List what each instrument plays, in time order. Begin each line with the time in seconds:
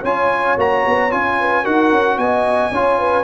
0.00 tuba C#4, trombone F4, horn C#5, trumpet G#5
0.57 tuba A#3, trombone F#4, trumpet A#5
0.86 tuba B3
1.10 tuba C#4, trombone F4, trumpet G#5
1.39 horn B4
1.63 tuba D#4, trombone F#4, horn A#4, trumpet F#5
1.91 tuba C#4
2.17 tuba B3, horn D#5, trumpet G#5
2.71 tuba C#4, trombone F4, horn C#5
2.98 horn B4